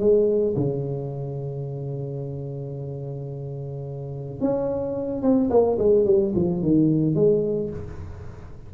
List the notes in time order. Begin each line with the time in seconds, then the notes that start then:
0.00 G#3
0.57 C#3
4.41 C#4
5.22 C4
5.51 A#3
5.79 G#3
6.06 G3
6.36 F3
6.63 D#3
7.15 G#3